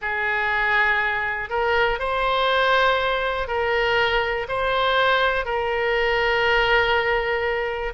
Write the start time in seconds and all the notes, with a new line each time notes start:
0.01 G#4
1.49 A#4
1.99 C5
3.47 A#4
4.48 C5
5.45 A#4